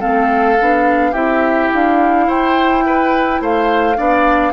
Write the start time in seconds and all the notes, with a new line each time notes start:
0.00 A3 C4 A4 F5
0.60 B3 D4
1.12 C4 E4 G4 E5
1.73 D4 F5
2.28 E4 C5 G5
2.86 B4
3.41 A3 C5 F5
3.96 B3 D4 D5